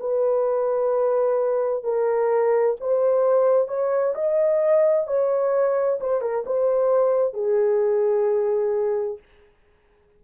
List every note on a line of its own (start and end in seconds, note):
0.00 1.84 B4
1.84 2.76 A#4
2.80 3.68 C5
3.68 4.14 C#5
4.15 5.07 D#5
5.07 5.99 C#5
6.00 6.21 C5
6.21 6.44 A#4
6.46 7.33 C5
7.33 9.18 G#4